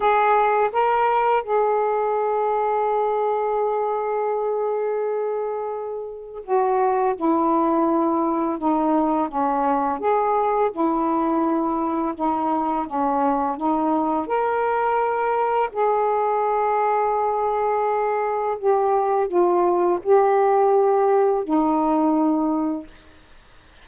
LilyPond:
\new Staff \with { instrumentName = "saxophone" } { \time 4/4 \tempo 4 = 84 gis'4 ais'4 gis'2~ | gis'1~ | gis'4 fis'4 e'2 | dis'4 cis'4 gis'4 e'4~ |
e'4 dis'4 cis'4 dis'4 | ais'2 gis'2~ | gis'2 g'4 f'4 | g'2 dis'2 | }